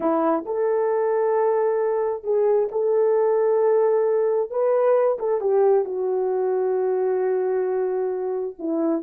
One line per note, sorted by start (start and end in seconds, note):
0.00 0.44 E4
0.45 2.23 A4
2.23 2.68 G#4
2.71 4.50 A4
4.50 5.18 B4
5.19 5.41 A4
5.41 5.85 G4
5.85 8.55 F#4
8.58 9.02 E4